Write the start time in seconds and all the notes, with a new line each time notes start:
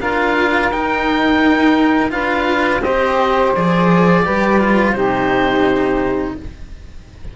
0.00 D4 F4 A#4 F5
0.71 D#4 G5
2.10 D4 F4 B4 F5
2.81 C4 G4 C5 D#5
3.55 F3 G#4 D5
4.25 G3 G4 B4
4.60 F4
4.92 C3 D#4 G4 C5